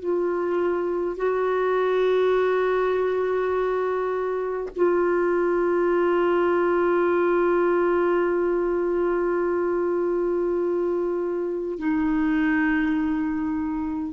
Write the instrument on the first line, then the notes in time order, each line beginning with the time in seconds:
clarinet
0.00 F4
1.17 F#4
4.76 F4
11.79 D#4